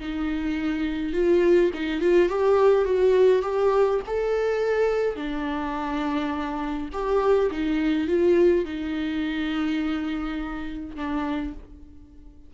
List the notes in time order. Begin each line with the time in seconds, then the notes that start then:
0.00 D#4
1.14 F4
1.74 D#4
2.01 F4
2.29 G4
2.85 F#4
3.43 G4
4.07 A4
5.16 D4
6.93 G4
7.52 D#4
8.08 F4
8.65 D#4
10.96 D4